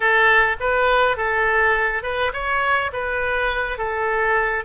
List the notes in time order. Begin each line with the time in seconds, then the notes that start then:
0.00 A4
0.60 B4
1.17 A4
2.02 B4
2.33 C#5
2.93 B4
3.78 A4